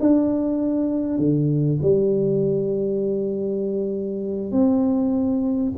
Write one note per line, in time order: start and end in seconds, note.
0.00 1.18 D4
1.18 1.79 D3
1.82 4.52 G3
4.52 5.73 C4